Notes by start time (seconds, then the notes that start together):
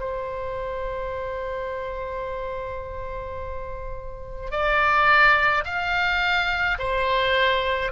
0.00 C5
4.51 D5
5.65 F5
6.79 C5